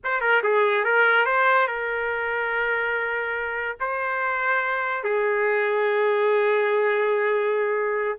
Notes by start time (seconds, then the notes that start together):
0.03 C5
0.20 A#4
0.43 G#4
0.84 A#4
1.25 C5
1.67 A#4
3.80 C5
5.03 G#4